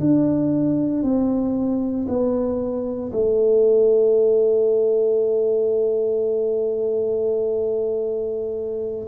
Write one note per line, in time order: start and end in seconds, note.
0.00 1.03 D4
1.03 2.07 C4
2.08 3.12 B3
3.13 9.08 A3